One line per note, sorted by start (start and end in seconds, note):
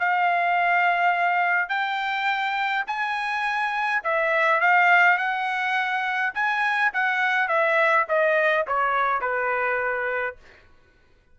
0.00 1.69 F5
1.69 2.85 G5
2.87 4.03 G#5
4.04 4.61 E5
4.61 5.18 F5
5.18 6.34 F#5
6.34 6.92 G#5
6.94 7.49 F#5
7.49 8.06 E5
8.09 8.67 D#5
8.67 9.21 C#5
9.21 10.37 B4